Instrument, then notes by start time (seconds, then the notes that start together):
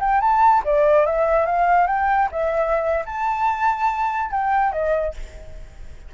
flute
0.00 G5
0.21 A5
0.65 D5
1.06 E5
1.46 F5
1.87 G5
2.31 E5
3.05 A5
4.31 G5
4.72 D#5